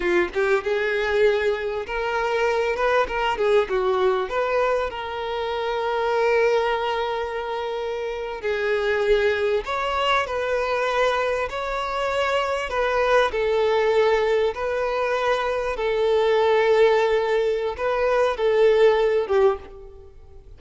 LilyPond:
\new Staff \with { instrumentName = "violin" } { \time 4/4 \tempo 4 = 98 f'8 g'8 gis'2 ais'4~ | ais'8 b'8 ais'8 gis'8 fis'4 b'4 | ais'1~ | ais'4.~ ais'16 gis'2 cis''16~ |
cis''8. b'2 cis''4~ cis''16~ | cis''8. b'4 a'2 b'16~ | b'4.~ b'16 a'2~ a'16~ | a'4 b'4 a'4. g'8 | }